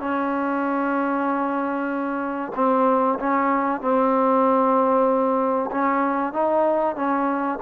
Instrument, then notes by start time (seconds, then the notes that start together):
trombone
0.00 C#4
2.56 C4
3.20 C#4
3.81 C4
5.71 C#4
6.33 D#4
6.96 C#4